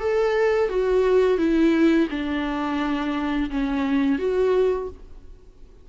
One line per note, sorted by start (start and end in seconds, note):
0.00 0.69 A4
0.69 1.38 F#4
1.38 2.08 E4
2.10 3.50 D4
3.50 4.19 C#4
4.19 4.89 F#4